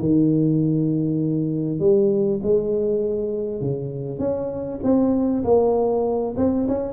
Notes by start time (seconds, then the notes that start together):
0.00 D#3
1.80 G3
2.43 G#3
3.61 C#3
4.19 C#4
4.83 C4
5.44 A#3
6.37 C4
6.68 C#4